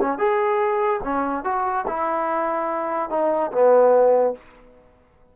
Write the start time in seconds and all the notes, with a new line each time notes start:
0.00 C#4
0.18 G#4
1.03 C#4
1.44 F#4
1.87 E4
3.09 D#4
3.51 B3